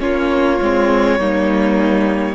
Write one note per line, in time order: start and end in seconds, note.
0.00 0.60 A#3
0.00 0.59 C#4
0.00 1.19 F4
0.00 2.35 C#5
0.61 1.19 G#3
0.61 1.21 C4
1.19 2.35 G3
1.19 2.35 A#3
1.19 2.35 D#4